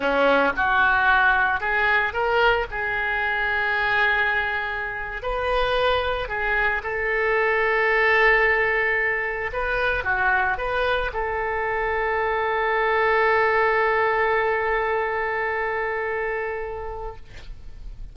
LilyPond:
\new Staff \with { instrumentName = "oboe" } { \time 4/4 \tempo 4 = 112 cis'4 fis'2 gis'4 | ais'4 gis'2.~ | gis'4.~ gis'16 b'2 gis'16~ | gis'8. a'2.~ a'16~ |
a'4.~ a'16 b'4 fis'4 b'16~ | b'8. a'2.~ a'16~ | a'1~ | a'1 | }